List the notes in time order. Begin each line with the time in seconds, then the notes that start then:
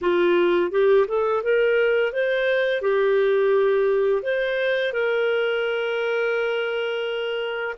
0.01 F4
0.71 G4
1.07 A4
1.43 A#4
2.12 C5
2.81 G4
4.22 C5
4.92 A#4